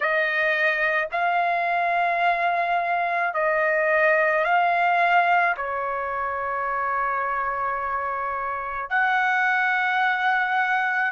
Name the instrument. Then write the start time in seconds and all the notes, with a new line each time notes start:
trumpet
0.00 D#5
1.11 F5
3.34 D#5
4.44 F5
5.56 C#5
8.89 F#5